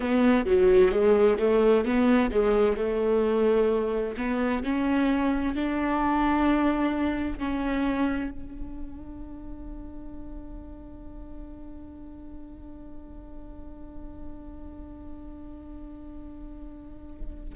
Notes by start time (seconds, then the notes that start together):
0.00 B3
0.45 F#3
0.91 G#3
1.38 A3
1.84 B3
2.31 G#3
2.77 A3
4.17 B3
4.63 C#4
5.55 D4
7.38 C#4
8.31 D4